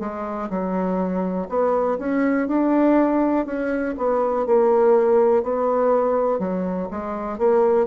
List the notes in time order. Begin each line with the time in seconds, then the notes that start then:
0.00 G#3
0.50 F#3
1.49 B3
1.99 C#4
2.48 D4
3.46 C#4
3.97 B3
4.46 A#3
5.43 B3
6.39 F#3
6.91 G#3
7.38 A#3